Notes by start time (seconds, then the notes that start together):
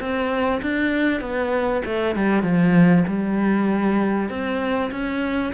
0.00 C4
0.62 D4
1.21 B3
1.85 A3
2.15 G3
2.43 F3
3.08 G3
4.29 C4
4.91 C#4